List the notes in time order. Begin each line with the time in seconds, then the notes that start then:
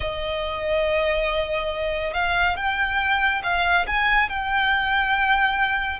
0.00 D#5
2.13 F5
2.56 G5
3.43 F5
3.86 G#5
4.29 G5